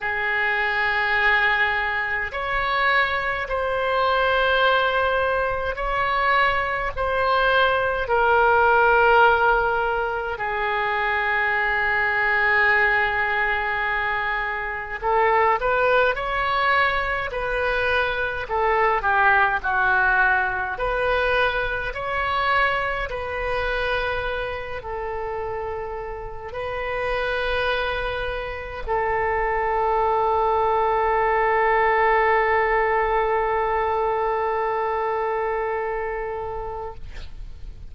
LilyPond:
\new Staff \with { instrumentName = "oboe" } { \time 4/4 \tempo 4 = 52 gis'2 cis''4 c''4~ | c''4 cis''4 c''4 ais'4~ | ais'4 gis'2.~ | gis'4 a'8 b'8 cis''4 b'4 |
a'8 g'8 fis'4 b'4 cis''4 | b'4. a'4. b'4~ | b'4 a'2.~ | a'1 | }